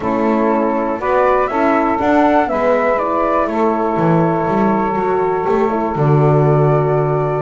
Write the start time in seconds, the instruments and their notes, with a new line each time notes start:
0.00 double bass A3, horn C#4, saxophone E4, flute A4
0.99 double bass B3, horn F#4, saxophone B4, flute D5
1.47 double bass C#4, horn E4, saxophone A4, flute E5
1.98 horn D4, double bass D4, flute F#5
2.46 double bass G#3, horn B3, saxophone B4, flute E5
2.97 horn E4, flute D5
3.47 double bass A3, saxophone A4, flute C#5
3.96 double bass E3
4.47 double bass G3
4.95 double bass F#3, horn F#4
5.44 double bass A3, horn G4
5.70 horn E4
5.95 double bass D3, horn F#4, flute D5